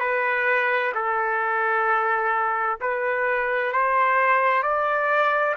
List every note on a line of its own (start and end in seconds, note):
0.00 0.92 B4
0.94 2.79 A4
2.81 3.72 B4
3.72 4.62 C5
4.62 5.55 D5